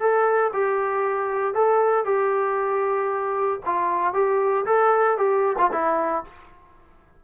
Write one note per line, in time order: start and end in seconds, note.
0.00 0.52 A4
0.53 1.54 G4
1.54 2.05 A4
2.05 3.60 G4
3.66 4.14 F4
4.14 4.65 G4
4.66 5.17 A4
5.18 5.57 G4
5.58 5.71 F4
5.72 6.24 E4